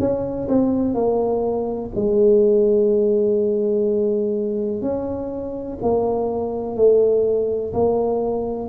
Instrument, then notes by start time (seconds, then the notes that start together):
tuba
0.00 C#4
0.49 C4
0.95 A#3
1.96 G#3
4.82 C#4
5.83 A#3
6.77 A3
7.74 A#3